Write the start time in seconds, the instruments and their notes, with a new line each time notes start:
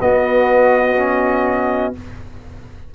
0.00 trombone B3, tuba B3, flute F#4, trumpet D#5
0.97 trombone C#4